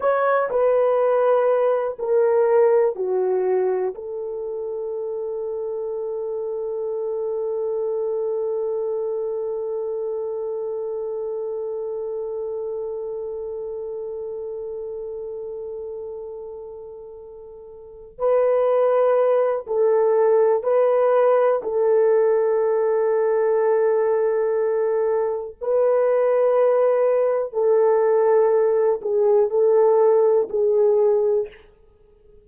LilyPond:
\new Staff \with { instrumentName = "horn" } { \time 4/4 \tempo 4 = 61 cis''8 b'4. ais'4 fis'4 | a'1~ | a'1~ | a'1~ |
a'2~ a'8 b'4. | a'4 b'4 a'2~ | a'2 b'2 | a'4. gis'8 a'4 gis'4 | }